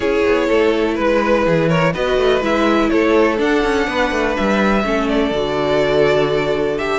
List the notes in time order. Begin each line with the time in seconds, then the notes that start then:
0.00 C#4 E4 G#4 C#5
0.25 B3
0.47 A3 A4
0.94 G#3 B4
1.45 E3 G#4
1.68 A#4 C#5
1.93 B3 F#4 B4 D#5
2.17 A3
2.41 G#3 E4 E5
2.89 A3 A4 C#5
3.37 D4 F#5
3.63 C#4
3.87 B3 B4
4.11 A3
4.36 G3 E5
4.84 A3 C#4 A4
5.08 D5
5.30 D3 F#4
6.78 G4 E5